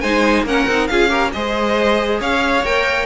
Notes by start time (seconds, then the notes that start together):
0.00 G#3 D#4 C5 G#5
0.43 A#3 C#4 A#4 F#5
0.66 C4 D#4
0.87 C#4 F4 G#4 F5
1.08 G4 A#4
1.32 G#3 G#4 C5 D#5
2.20 C#4 C#5 F5
2.64 A#3 A#4 G5